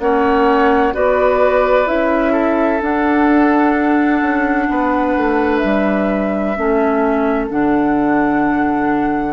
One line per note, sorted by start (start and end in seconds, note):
0.00 0.94 A#3
0.00 0.94 C#4
0.00 0.95 C#5
0.00 0.94 F#5
0.94 1.88 B3
0.94 1.86 F#4
0.94 2.32 B4
0.94 1.88 D5
1.86 2.82 C#4
1.86 2.79 E4
1.86 2.82 E5
2.32 4.67 A4
2.79 6.54 D4
2.79 4.22 D4
2.79 5.58 F#5
4.22 4.69 C#4
4.69 5.16 B3
4.69 6.58 B4
5.17 5.64 A3
5.58 6.57 G3
5.58 7.46 E5
6.56 7.51 A3
6.56 7.50 C#4
6.56 9.34 A4
7.50 9.34 D3
7.50 9.34 D4
7.50 9.34 F#5